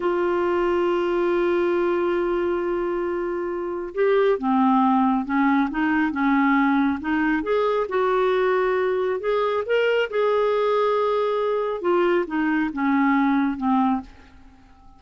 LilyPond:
\new Staff \with { instrumentName = "clarinet" } { \time 4/4 \tempo 4 = 137 f'1~ | f'1~ | f'4 g'4 c'2 | cis'4 dis'4 cis'2 |
dis'4 gis'4 fis'2~ | fis'4 gis'4 ais'4 gis'4~ | gis'2. f'4 | dis'4 cis'2 c'4 | }